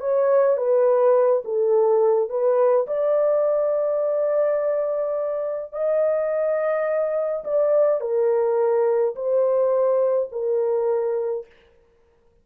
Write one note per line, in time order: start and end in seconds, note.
0.00 0.57 C#5
0.57 1.42 B4
1.44 2.29 A4
2.29 2.86 B4
2.86 5.72 D5
5.72 7.44 D#5
7.44 8.01 D5
8.01 9.15 A#4
9.15 10.29 C5
10.32 11.46 A#4